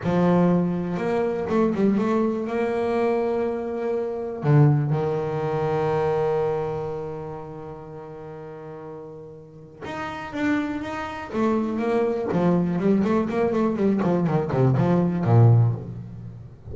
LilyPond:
\new Staff \with { instrumentName = "double bass" } { \time 4/4 \tempo 4 = 122 f2 ais4 a8 g8 | a4 ais2.~ | ais4 d4 dis2~ | dis1~ |
dis1 | dis'4 d'4 dis'4 a4 | ais4 f4 g8 a8 ais8 a8 | g8 f8 dis8 c8 f4 ais,4 | }